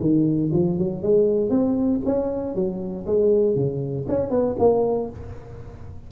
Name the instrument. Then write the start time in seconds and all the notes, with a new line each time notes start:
tuba
0.00 D#3
0.52 F3
0.78 F#3
1.02 G#3
1.50 C4
2.05 C#4
2.55 F#3
3.06 G#3
3.55 C#3
4.08 C#4
4.30 B3
4.59 A#3